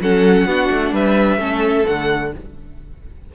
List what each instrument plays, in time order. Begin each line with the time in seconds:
0.00 cello F#3, viola C#4, violin A4 F#5
0.46 cello B3, viola D4, violin F#4
0.70 cello A3
0.92 cello G3, violin B4 E5
1.37 cello A3, viola C#4, violin A4
1.85 cello D3, viola A3, violin F#5